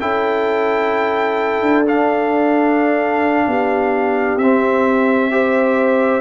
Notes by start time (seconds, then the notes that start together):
0.00 C#4 E4 A4 G5
1.61 D4
1.86 D4 F5
3.47 B3 G4
4.36 C4 E5
4.43 C4
5.31 G4 C5